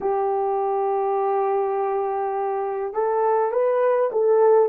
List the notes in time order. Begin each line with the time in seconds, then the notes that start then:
0.00 G4
2.93 A4
3.51 B4
4.12 A4